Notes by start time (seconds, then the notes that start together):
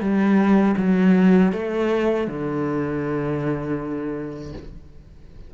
0.00 G3
0.77 F#3
1.52 A3
2.27 D3